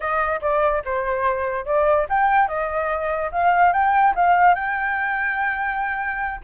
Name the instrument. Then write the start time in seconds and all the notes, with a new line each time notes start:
flute
0.00 D#5
0.41 D5
0.84 C5
1.65 D5
2.09 G5
2.48 D#5
3.31 F5
3.72 G5
4.15 F5
4.54 G5